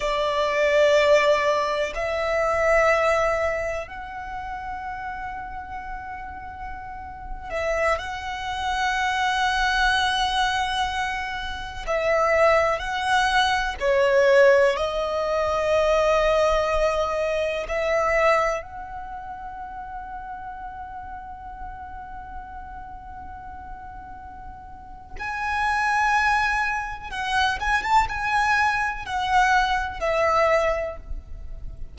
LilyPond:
\new Staff \with { instrumentName = "violin" } { \time 4/4 \tempo 4 = 62 d''2 e''2 | fis''2.~ fis''8. e''16~ | e''16 fis''2.~ fis''8.~ | fis''16 e''4 fis''4 cis''4 dis''8.~ |
dis''2~ dis''16 e''4 fis''8.~ | fis''1~ | fis''2 gis''2 | fis''8 gis''16 a''16 gis''4 fis''4 e''4 | }